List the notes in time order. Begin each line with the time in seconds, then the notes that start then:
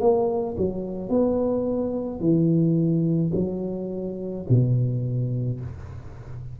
0.00 A#3
0.57 F#3
1.09 B3
2.20 E3
3.34 F#3
4.48 B2